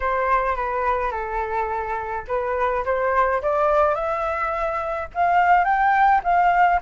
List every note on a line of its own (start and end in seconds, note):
0.00 0.56 C5
0.56 1.11 B4
1.11 2.24 A4
2.27 2.84 B4
2.85 3.41 C5
3.42 3.94 D5
3.94 5.08 E5
5.14 5.64 F5
5.64 6.21 G5
6.23 6.80 F5